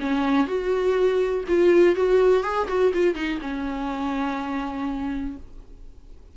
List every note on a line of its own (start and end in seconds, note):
0.00 0.47 C#4
0.47 1.44 F#4
1.48 1.95 F4
1.95 2.43 F#4
2.43 2.67 G#4
2.68 2.92 F#4
2.94 3.15 F4
3.15 3.39 D#4
3.41 5.36 C#4